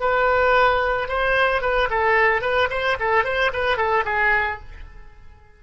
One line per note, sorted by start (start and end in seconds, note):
0.00 1.08 B4
1.08 1.61 C5
1.61 1.88 B4
1.90 2.42 A4
2.42 2.69 B4
2.70 2.97 C5
3.00 3.24 A4
3.24 3.51 C5
3.53 3.77 B4
3.77 4.04 A4
4.05 4.59 G#4